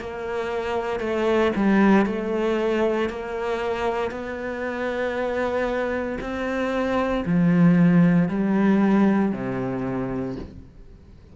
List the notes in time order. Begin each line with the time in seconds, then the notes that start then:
0.00 A#3
1.00 A3
1.56 G3
2.06 A3
3.09 A#3
4.11 B3
6.20 C4
7.26 F3
8.29 G3
9.32 C3